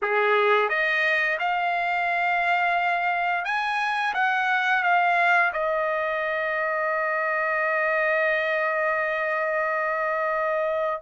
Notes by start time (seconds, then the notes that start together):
0.02 G#4
0.69 D#5
1.39 F5
3.44 G#5
4.14 F#5
4.83 F5
5.53 D#5